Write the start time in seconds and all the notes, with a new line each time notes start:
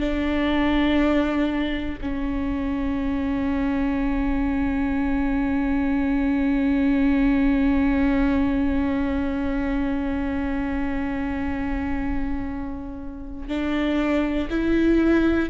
0.00 D4
2.01 C#4
13.48 D4
14.50 E4